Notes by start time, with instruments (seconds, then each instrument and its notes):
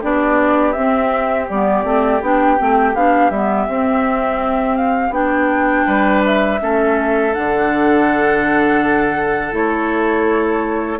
0.00 bassoon B3, clarinet D4, oboe G4, flute D5
0.72 bassoon C4, clarinet C4, flute E5
1.49 bassoon G3, clarinet B3, flute D5
1.84 bassoon A3, clarinet C4
2.22 bassoon B3, clarinet D4, flute G5
2.58 bassoon A3, clarinet C4
2.95 bassoon B3, clarinet D4, flute F5
3.30 bassoon G3, clarinet B3, flute E5
3.69 bassoon C4, clarinet C4
4.77 flute F5
5.10 bassoon B3, clarinet D4, flute G5
5.87 bassoon G3, oboe B4
6.26 flute E5
6.60 bassoon A3, clarinet C#4, oboe A4
7.34 bassoon D3, clarinet D4, flute F#5
9.52 bassoon A3, clarinet E4, flute C#5